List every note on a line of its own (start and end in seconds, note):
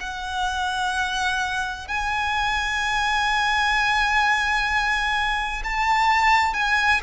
0.00 1.87 F#5
1.87 5.62 G#5
5.63 6.53 A5
6.53 7.00 G#5